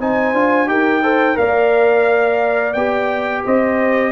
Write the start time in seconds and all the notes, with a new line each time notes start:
0.00 C4 D#4 C5 G#5
0.32 D4 F4
0.66 D#4 G4 A#4 G5
1.02 A4 C5
1.34 A#3 A#4 D5 F5
2.73 B3 G4 G5
3.44 C4 C5 D#5